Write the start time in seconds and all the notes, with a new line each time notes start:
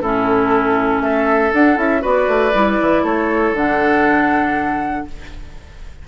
0.00 A2 C#4 E4 A4
1.00 A3 A4 E5
1.53 D4 F#5
1.76 C#4 E4 E5
2.00 B3 F#4 B4 D5
2.27 A3
2.54 G3 E4
2.80 E3
3.03 A3 A4 C#5
3.52 D3 D4 F#5